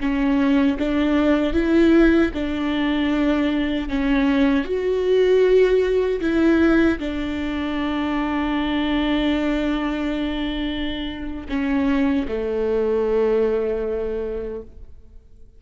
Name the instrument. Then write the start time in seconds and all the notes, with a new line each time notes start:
viola
0.00 C#4
0.79 D4
1.53 E4
2.34 D4
3.89 C#4
4.65 F#4
6.21 E4
6.99 D4
11.49 C#4
12.28 A3